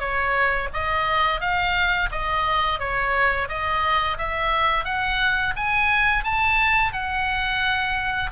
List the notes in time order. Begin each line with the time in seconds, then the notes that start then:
0.00 C#5
0.74 D#5
1.41 F5
2.12 D#5
2.80 C#5
3.49 D#5
4.18 E5
4.85 F#5
5.57 G#5
6.24 A5
6.93 F#5